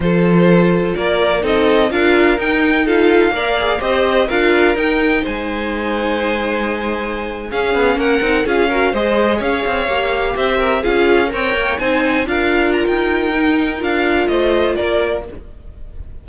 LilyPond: <<
  \new Staff \with { instrumentName = "violin" } { \time 4/4 \tempo 4 = 126 c''2 d''4 dis''4 | f''4 g''4 f''2 | dis''4 f''4 g''4 gis''4~ | gis''2.~ gis''8. f''16~ |
f''8. fis''4 f''4 dis''4 f''16~ | f''4.~ f''16 e''4 f''4 g''16~ | g''8. gis''4 f''4 ais''16 g''4~ | g''4 f''4 dis''4 d''4 | }
  \new Staff \with { instrumentName = "violin" } { \time 4/4 a'2 ais'4 a'4 | ais'2 a'4 d''4 | c''4 ais'2 c''4~ | c''2.~ c''8. gis'16~ |
gis'8. ais'4 gis'8 ais'8 c''4 cis''16~ | cis''4.~ cis''16 c''8 ais'8 gis'4 cis''16~ | cis''8. c''4 ais'2~ ais'16~ | ais'2 c''4 ais'4 | }
  \new Staff \with { instrumentName = "viola" } { \time 4/4 f'2. dis'4 | f'4 dis'4 f'4 ais'8 gis'8 | g'4 f'4 dis'2~ | dis'2.~ dis'8. cis'16~ |
cis'4~ cis'16 dis'8 f'8 fis'8 gis'4~ gis'16~ | gis'8. g'2 f'4 ais'16~ | ais'8. dis'4 f'2~ f'16 | dis'4 f'2. | }
  \new Staff \with { instrumentName = "cello" } { \time 4/4 f2 ais4 c'4 | d'4 dis'2 ais4 | c'4 d'4 dis'4 gis4~ | gis2.~ gis8. cis'16~ |
cis'16 b8 ais8 c'8 cis'4 gis4 cis'16~ | cis'16 c'8 ais4 c'4 cis'4 c'16~ | c'16 ais8 c'4 d'4~ d'16 dis'4~ | dis'4 d'4 a4 ais4 | }
>>